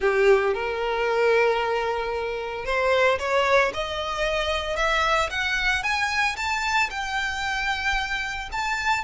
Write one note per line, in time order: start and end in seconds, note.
0.00 0.54 G4
0.54 2.65 A#4
2.65 3.18 C5
3.19 3.72 C#5
3.73 4.76 D#5
4.76 5.29 E5
5.30 5.83 F#5
5.83 6.36 G#5
6.36 6.89 A5
6.90 8.49 G5
8.51 9.04 A5